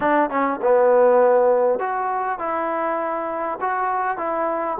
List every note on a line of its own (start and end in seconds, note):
0.00 0.29 D4
0.29 0.59 C#4
0.62 1.79 B3
1.79 2.38 F#4
2.38 3.58 E4
3.60 4.17 F#4
4.17 4.77 E4